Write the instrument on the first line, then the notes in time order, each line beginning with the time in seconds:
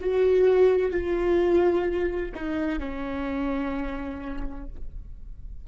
viola
0.00 F#4
0.92 F4
2.34 D#4
2.79 C#4